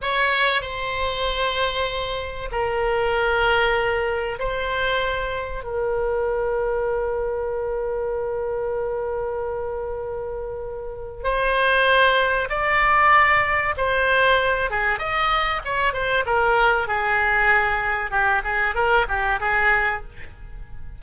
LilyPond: \new Staff \with { instrumentName = "oboe" } { \time 4/4 \tempo 4 = 96 cis''4 c''2. | ais'2. c''4~ | c''4 ais'2.~ | ais'1~ |
ais'2 c''2 | d''2 c''4. gis'8 | dis''4 cis''8 c''8 ais'4 gis'4~ | gis'4 g'8 gis'8 ais'8 g'8 gis'4 | }